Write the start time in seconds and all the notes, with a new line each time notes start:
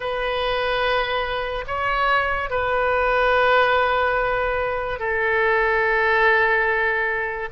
0.00 B4
1.67 C#5
2.50 B4
4.99 A4